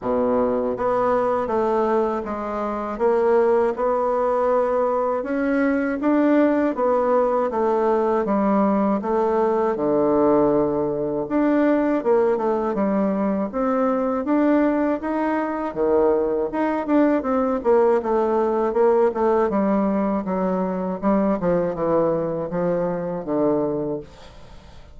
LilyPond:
\new Staff \with { instrumentName = "bassoon" } { \time 4/4 \tempo 4 = 80 b,4 b4 a4 gis4 | ais4 b2 cis'4 | d'4 b4 a4 g4 | a4 d2 d'4 |
ais8 a8 g4 c'4 d'4 | dis'4 dis4 dis'8 d'8 c'8 ais8 | a4 ais8 a8 g4 fis4 | g8 f8 e4 f4 d4 | }